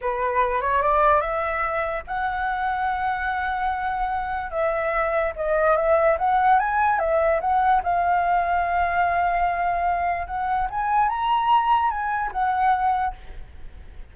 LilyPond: \new Staff \with { instrumentName = "flute" } { \time 4/4 \tempo 4 = 146 b'4. cis''8 d''4 e''4~ | e''4 fis''2.~ | fis''2. e''4~ | e''4 dis''4 e''4 fis''4 |
gis''4 e''4 fis''4 f''4~ | f''1~ | f''4 fis''4 gis''4 ais''4~ | ais''4 gis''4 fis''2 | }